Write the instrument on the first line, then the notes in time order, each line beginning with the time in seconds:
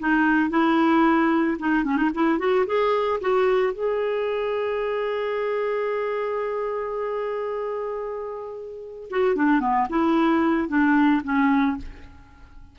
clarinet
0.00 D#4
0.51 E4
1.59 D#4
1.85 C#4
1.97 D#4
2.15 E4
2.39 F#4
2.67 G#4
3.21 F#4
3.74 G#4
9.11 F#4
9.36 D4
9.61 B3
9.90 E4
10.69 D4
11.24 C#4